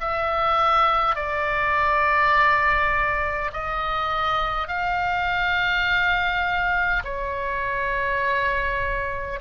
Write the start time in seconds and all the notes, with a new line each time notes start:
0.00 E5
1.16 D5
3.53 D#5
4.67 F5
7.04 C#5